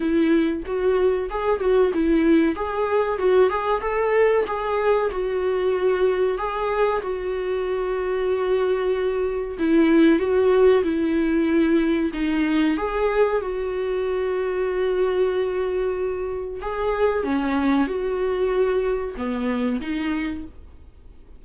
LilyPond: \new Staff \with { instrumentName = "viola" } { \time 4/4 \tempo 4 = 94 e'4 fis'4 gis'8 fis'8 e'4 | gis'4 fis'8 gis'8 a'4 gis'4 | fis'2 gis'4 fis'4~ | fis'2. e'4 |
fis'4 e'2 dis'4 | gis'4 fis'2.~ | fis'2 gis'4 cis'4 | fis'2 b4 dis'4 | }